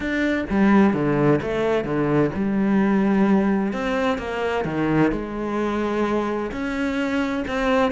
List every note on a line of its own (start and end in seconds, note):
0.00 0.44 D4
0.50 0.93 G3
0.93 1.40 D3
1.42 1.84 A3
1.84 2.30 D3
2.34 3.72 G3
3.72 4.18 C4
4.18 4.64 A#3
4.64 5.11 D#3
5.11 6.51 G#3
6.51 7.44 C#4
7.47 7.91 C4